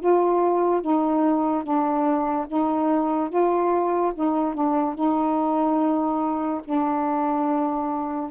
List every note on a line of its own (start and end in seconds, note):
0.00 0.82 F4
0.82 1.64 D#4
1.64 2.47 D4
2.48 3.30 D#4
3.30 4.13 F4
4.15 4.55 D#4
4.55 4.95 D4
4.95 6.61 D#4
6.64 8.31 D4